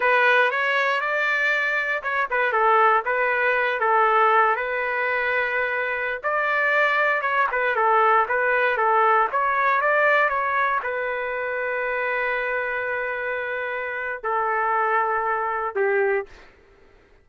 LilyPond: \new Staff \with { instrumentName = "trumpet" } { \time 4/4 \tempo 4 = 118 b'4 cis''4 d''2 | cis''8 b'8 a'4 b'4. a'8~ | a'4 b'2.~ | b'16 d''2 cis''8 b'8 a'8.~ |
a'16 b'4 a'4 cis''4 d''8.~ | d''16 cis''4 b'2~ b'8.~ | b'1 | a'2. g'4 | }